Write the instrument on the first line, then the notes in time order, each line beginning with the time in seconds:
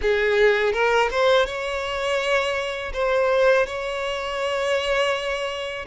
violin
0.01 G#4
0.72 A#4
1.10 C5
1.46 C#5
2.93 C5
3.66 C#5